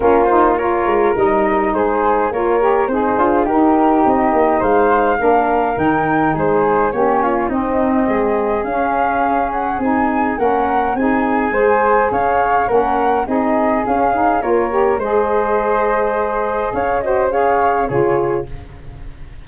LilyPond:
<<
  \new Staff \with { instrumentName = "flute" } { \time 4/4 \tempo 4 = 104 ais'8 c''8 cis''4 dis''4 c''4 | cis''4 c''4 ais'4 dis''4 | f''2 g''4 c''4 | cis''4 dis''2 f''4~ |
f''8 fis''8 gis''4 fis''4 gis''4~ | gis''4 f''4 fis''4 dis''4 | f''4 cis''4 dis''2~ | dis''4 f''8 dis''8 f''4 cis''4 | }
  \new Staff \with { instrumentName = "flute" } { \time 4/4 f'4 ais'2 gis'4 | ais'4 dis'8 f'8 g'2 | c''4 ais'2 gis'4 | g'8 f'8 dis'4 gis'2~ |
gis'2 ais'4 gis'4 | c''4 cis''4 ais'4 gis'4~ | gis'4 ais'4 c''2~ | c''4 cis''8 c''8 cis''4 gis'4 | }
  \new Staff \with { instrumentName = "saxophone" } { \time 4/4 cis'8 dis'8 f'4 dis'2 | f'8 g'8 gis'4 dis'2~ | dis'4 d'4 dis'2 | cis'4 c'2 cis'4~ |
cis'4 dis'4 cis'4 dis'4 | gis'2 cis'4 dis'4 | cis'8 dis'8 f'8 g'8 gis'2~ | gis'4. fis'8 gis'4 f'4 | }
  \new Staff \with { instrumentName = "tuba" } { \time 4/4 ais4. gis8 g4 gis4 | ais4 c'8 d'8 dis'4 c'8 ais8 | gis4 ais4 dis4 gis4 | ais4 c'4 gis4 cis'4~ |
cis'4 c'4 ais4 c'4 | gis4 cis'4 ais4 c'4 | cis'4 ais4 gis2~ | gis4 cis'2 cis4 | }
>>